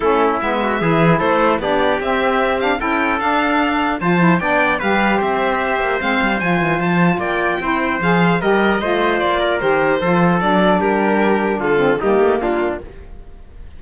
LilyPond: <<
  \new Staff \with { instrumentName = "violin" } { \time 4/4 \tempo 4 = 150 a'4 e''2 c''4 | d''4 e''4. f''8 g''4 | f''2 a''4 g''4 | f''4 e''2 f''4 |
gis''4 a''4 g''2 | f''4 dis''2 d''4 | c''2 d''4 ais'4~ | ais'4 a'4 g'4 f'4 | }
  \new Staff \with { instrumentName = "trumpet" } { \time 4/4 e'4. fis'8 gis'4 a'4 | g'2. a'4~ | a'2 c''4 d''4 | b'4 c''2.~ |
c''2 d''4 c''4~ | c''4 ais'4 c''4. ais'8~ | ais'4 a'2 g'4~ | g'4 f'4 dis'4 d'4 | }
  \new Staff \with { instrumentName = "saxophone" } { \time 4/4 cis'4 b4 e'2 | d'4 c'4. d'8 e'4 | d'2 f'8 e'8 d'4 | g'2. c'4 |
f'2. e'4 | gis'4 g'4 f'2 | g'4 f'4 d'2~ | d'4. c'8 ais2 | }
  \new Staff \with { instrumentName = "cello" } { \time 4/4 a4 gis4 e4 a4 | b4 c'2 cis'4 | d'2 f4 b4 | g4 c'4. ais8 gis8 g8 |
f8 e8 f4 ais4 c'4 | f4 g4 a4 ais4 | dis4 f4 fis4 g4~ | g4 d4 g8 a8 ais4 | }
>>